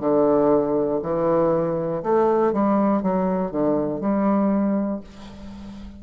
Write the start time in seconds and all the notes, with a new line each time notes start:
0.00 D3
1.02 E3
2.02 A3
2.53 G3
3.02 F#3
3.50 D3
4.00 G3